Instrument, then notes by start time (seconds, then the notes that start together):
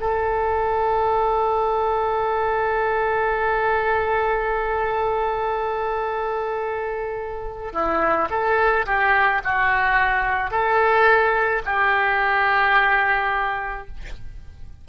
oboe
0.00 A4
7.73 E4
8.30 A4
8.86 G4
9.44 F#4
10.51 A4
11.66 G4